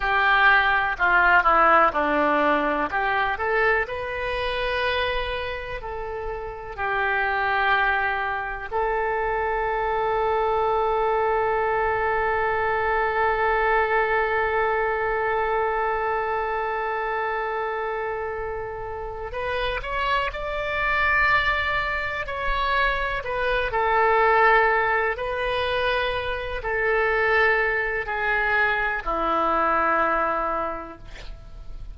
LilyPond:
\new Staff \with { instrumentName = "oboe" } { \time 4/4 \tempo 4 = 62 g'4 f'8 e'8 d'4 g'8 a'8 | b'2 a'4 g'4~ | g'4 a'2.~ | a'1~ |
a'1 | b'8 cis''8 d''2 cis''4 | b'8 a'4. b'4. a'8~ | a'4 gis'4 e'2 | }